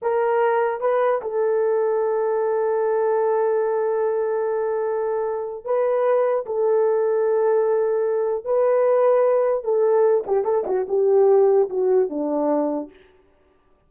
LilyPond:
\new Staff \with { instrumentName = "horn" } { \time 4/4 \tempo 4 = 149 ais'2 b'4 a'4~ | a'1~ | a'1~ | a'2 b'2 |
a'1~ | a'4 b'2. | a'4. g'8 a'8 fis'8 g'4~ | g'4 fis'4 d'2 | }